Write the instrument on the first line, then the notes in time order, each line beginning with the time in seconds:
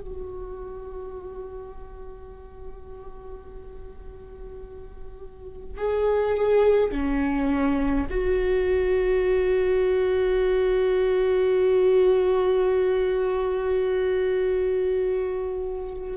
viola
0.00 F#4
5.77 G#4
6.91 C#4
8.09 F#4